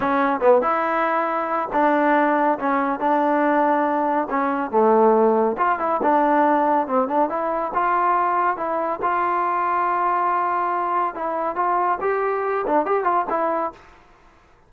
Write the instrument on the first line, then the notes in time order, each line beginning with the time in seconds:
trombone
0.00 C#4
0.40 B3
0.61 E4
1.72 D4
2.58 C#4
2.99 D4
4.30 C#4
4.70 A3
5.57 F4
5.79 E4
6.02 D4
6.87 C4
7.08 D4
7.29 E4
7.74 F4
8.56 E4
9.02 F4
11.14 E4
11.55 F4
12.00 G4
12.66 D4
12.85 G4
13.03 F4
13.29 E4